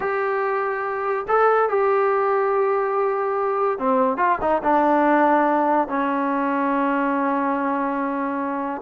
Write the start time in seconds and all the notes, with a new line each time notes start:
0.00 G4
1.28 A4
1.69 G4
3.78 C4
4.17 F4
4.41 D#4
4.63 D4
5.88 C#4